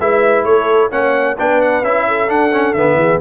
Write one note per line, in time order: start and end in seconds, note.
0.00 0.44 G#3
0.00 0.91 E4
0.00 0.47 B4
0.00 0.45 E5
0.44 0.90 A3
0.44 0.91 A4
0.44 0.91 C#5
0.91 1.38 A#3
0.91 1.37 C#4
0.91 1.37 C#5
0.91 1.38 F#5
1.38 1.83 B3
1.38 1.85 D4
1.38 2.06 B4
1.38 1.62 G5
1.62 1.84 F#5
1.83 2.29 C#4
1.83 2.28 E4
1.83 2.30 E5
2.08 2.99 A4
2.28 2.51 D4
2.28 2.75 D4
2.28 2.74 F#5
2.52 2.75 C#4
2.74 2.95 D3
2.74 3.21 B3
2.74 3.20 E5
2.95 3.18 E3
2.95 3.21 G#4